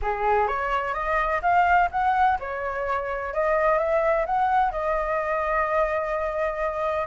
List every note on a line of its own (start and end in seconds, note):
0.02 0.47 G#4
0.47 0.93 C#5
0.93 1.41 D#5
1.42 1.89 F5
1.91 2.38 F#5
2.39 3.33 C#5
3.33 3.78 D#5
3.78 4.25 E5
4.25 4.71 F#5
4.71 7.07 D#5